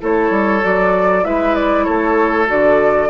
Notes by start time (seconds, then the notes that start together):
0.00 A3 E4 A4 C#5
0.30 G3
0.61 F#3 F#4 D5
1.23 G#3 E4 B4 E5
1.55 D5
1.84 A3 A4 C#5
2.46 D3 F#4 D5